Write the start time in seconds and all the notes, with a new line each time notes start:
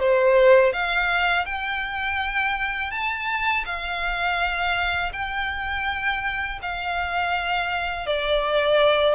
0.00 C5
0.74 F5
1.46 G5
2.92 A5
3.66 F5
5.14 G5
6.63 F5
8.07 D5